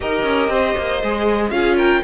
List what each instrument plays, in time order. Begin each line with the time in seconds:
0.00 cello D#4, viola G4, violin A#4 D#5
0.23 cello C#4
0.48 cello C4, violin C5
0.77 cello A#3
1.02 cello G#3, viola G#4
1.50 cello C#4, viola F4, violin G#4 F5
1.76 violin A#4 G5